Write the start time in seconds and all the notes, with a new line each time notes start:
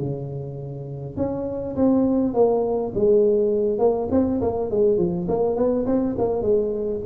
0.00 C#3
1.17 C#4
1.76 C4
2.34 A#3
2.95 G#3
3.79 A#3
4.11 C4
4.42 A#3
4.71 G#3
4.98 F3
5.29 A#3
5.56 B3
5.87 C4
6.19 A#3
6.42 G#3